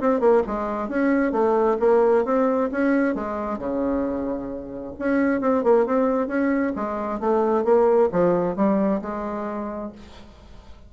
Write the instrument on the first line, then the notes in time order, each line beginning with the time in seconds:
bassoon
0.00 C4
0.19 A#3
0.46 G#3
0.88 C#4
1.32 A3
1.79 A#3
2.25 C4
2.71 C#4
3.15 G#3
3.58 C#3
4.99 C#4
5.41 C4
5.63 A#3
5.86 C4
6.27 C#4
6.75 G#3
7.20 A3
7.64 A#3
8.12 F3
8.56 G3
9.01 G#3